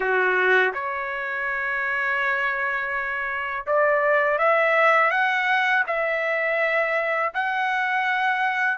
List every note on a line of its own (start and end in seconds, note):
0.00 0.73 F#4
0.73 3.66 C#5
3.66 4.38 D5
4.38 5.11 E5
5.11 5.84 F#5
5.86 7.33 E5
7.34 8.77 F#5